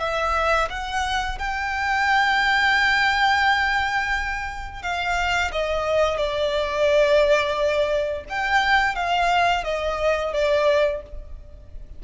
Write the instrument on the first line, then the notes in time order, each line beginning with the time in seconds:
violin
0.00 E5
0.70 F#5
1.39 G5
4.82 F5
5.52 D#5
6.18 D5
8.29 G5
8.95 F5
9.64 D#5
10.34 D5